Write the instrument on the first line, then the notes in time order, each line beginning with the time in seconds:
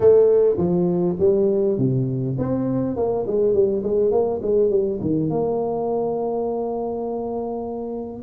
tuba
0.00 A3
0.57 F3
1.19 G3
1.78 C3
2.38 C4
2.96 A#3
3.26 G#3
3.53 G3
3.83 G#3
4.11 A#3
4.42 G#3
4.70 G3
5.00 D#3
5.29 A#3